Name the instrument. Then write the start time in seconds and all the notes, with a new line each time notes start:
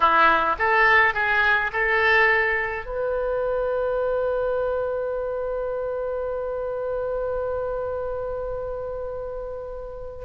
oboe
0.00 E4
0.59 A4
1.14 G#4
1.72 A4
2.85 B4